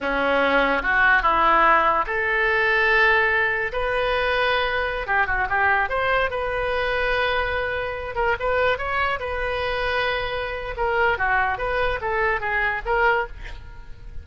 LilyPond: \new Staff \with { instrumentName = "oboe" } { \time 4/4 \tempo 4 = 145 cis'2 fis'4 e'4~ | e'4 a'2.~ | a'4 b'2.~ | b'16 g'8 fis'8 g'4 c''4 b'8.~ |
b'2.~ b'8. ais'16~ | ais'16 b'4 cis''4 b'4.~ b'16~ | b'2 ais'4 fis'4 | b'4 a'4 gis'4 ais'4 | }